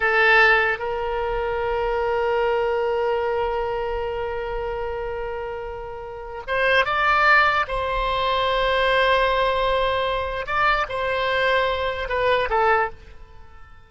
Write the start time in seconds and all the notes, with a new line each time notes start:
0.00 A4
0.78 A#4
6.47 C5
6.85 D5
7.67 C5
10.46 D5
10.89 C5
12.08 B4
12.49 A4